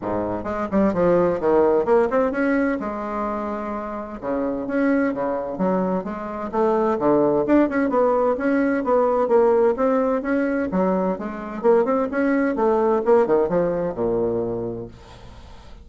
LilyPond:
\new Staff \with { instrumentName = "bassoon" } { \time 4/4 \tempo 4 = 129 gis,4 gis8 g8 f4 dis4 | ais8 c'8 cis'4 gis2~ | gis4 cis4 cis'4 cis4 | fis4 gis4 a4 d4 |
d'8 cis'8 b4 cis'4 b4 | ais4 c'4 cis'4 fis4 | gis4 ais8 c'8 cis'4 a4 | ais8 dis8 f4 ais,2 | }